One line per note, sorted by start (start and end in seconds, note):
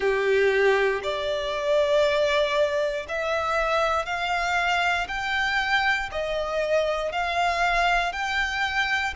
0.00 1.01 G4
1.03 3.06 D5
3.08 4.05 E5
4.05 5.07 F5
5.08 6.09 G5
6.11 7.11 D#5
7.11 8.12 F5
8.12 9.14 G5